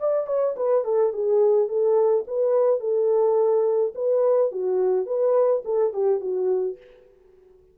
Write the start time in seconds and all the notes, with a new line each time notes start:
0.00 D5
0.27 C#5
0.57 B4
0.85 A4
1.13 G#4
1.69 A4
2.28 B4
2.80 A4
3.95 B4
4.52 F#4
5.07 B4
5.65 A4
5.94 G4
6.21 F#4